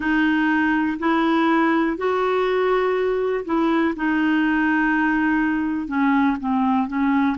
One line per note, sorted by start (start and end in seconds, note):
0.00 0.97 D#4
0.99 1.97 E4
1.97 3.44 F#4
3.45 3.94 E4
3.96 5.87 D#4
5.87 6.37 C#4
6.39 6.87 C4
6.87 7.36 C#4